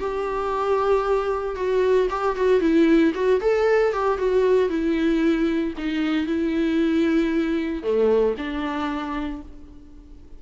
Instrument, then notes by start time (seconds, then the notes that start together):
viola
0.00 G4
1.55 F#4
2.10 G4
2.36 F#4
2.60 E4
3.14 F#4
3.41 A4
3.93 G4
4.18 F#4
4.69 E4
5.77 D#4
6.26 E4
7.83 A3
8.38 D4